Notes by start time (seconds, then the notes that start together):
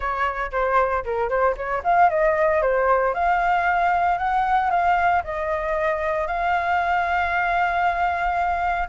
0.00 C#5
0.51 C5
1.04 A#4
1.29 C5
1.56 C#5
1.83 F5
2.09 D#5
2.62 C5
3.14 F5
4.18 F#5
4.70 F5
5.24 D#5
6.27 F5